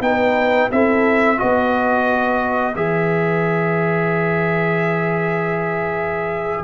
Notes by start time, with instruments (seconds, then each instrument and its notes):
0.00 tuba B3, trombone D#4, horn B4, trumpet G5
0.70 tuba C4, trombone E4, horn A4, trumpet E5
1.37 tuba B3, trombone F#4, horn B4, trumpet D#5
2.75 tuba E3, trombone G#4, trumpet E5